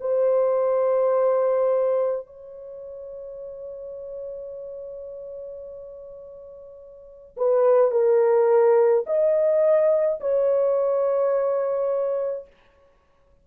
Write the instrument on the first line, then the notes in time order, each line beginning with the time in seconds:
horn
0.00 C5
2.26 C#5
7.36 B4
7.91 A#4
9.06 D#5
10.20 C#5